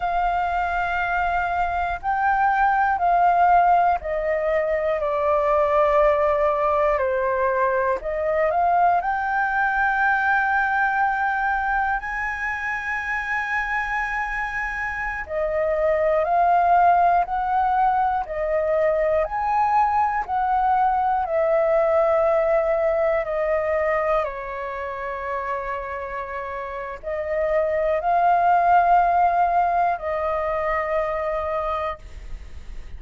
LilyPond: \new Staff \with { instrumentName = "flute" } { \time 4/4 \tempo 4 = 60 f''2 g''4 f''4 | dis''4 d''2 c''4 | dis''8 f''8 g''2. | gis''2.~ gis''16 dis''8.~ |
dis''16 f''4 fis''4 dis''4 gis''8.~ | gis''16 fis''4 e''2 dis''8.~ | dis''16 cis''2~ cis''8. dis''4 | f''2 dis''2 | }